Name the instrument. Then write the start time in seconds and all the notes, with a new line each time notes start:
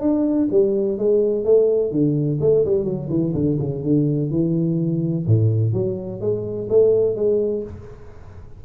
tuba
0.00 D4
0.51 G3
0.98 G#3
1.44 A3
1.91 D3
2.40 A3
2.65 G3
2.84 F#3
3.09 E3
3.34 D3
3.59 C#3
3.82 D3
4.30 E3
5.26 A2
5.73 F#3
6.20 G#3
6.69 A3
7.15 G#3